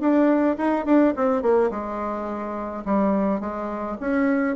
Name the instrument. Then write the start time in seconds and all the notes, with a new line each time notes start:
bassoon
0.00 D4
0.57 D#4
0.85 D4
1.16 C4
1.42 A#3
1.71 G#3
2.85 G3
3.40 G#3
4.00 C#4